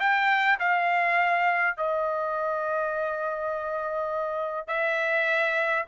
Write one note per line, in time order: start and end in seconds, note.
0.00 0.59 G5
0.60 1.77 F5
1.77 4.67 D#5
4.67 5.85 E5